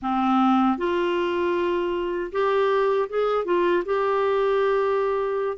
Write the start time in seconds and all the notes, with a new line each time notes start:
0.02 C4
0.77 F4
2.31 G4
3.09 G#4
3.44 F4
3.85 G4